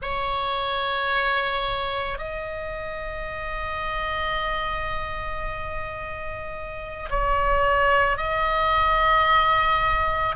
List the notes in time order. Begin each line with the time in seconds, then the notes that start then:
0.01 C#5
2.18 D#5
7.10 C#5
8.17 D#5